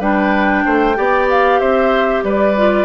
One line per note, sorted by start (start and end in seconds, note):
0.00 0.64 G3
0.00 0.95 D4
0.00 0.64 B4
0.00 1.29 G5
0.65 0.98 A3
0.65 0.97 C5
0.95 1.61 B3
0.95 2.55 G4
0.95 1.60 D5
1.30 1.60 F5
1.60 2.24 C4
1.60 2.24 C5
1.60 2.24 E5
2.24 2.86 G3
2.24 2.86 B4
2.24 2.86 D5
2.57 2.86 F4